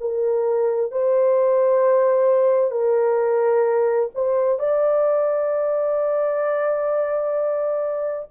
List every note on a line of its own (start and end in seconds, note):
0.00 0.91 A#4
0.91 2.71 C5
2.71 4.09 A#4
4.14 4.59 C5
4.59 8.28 D5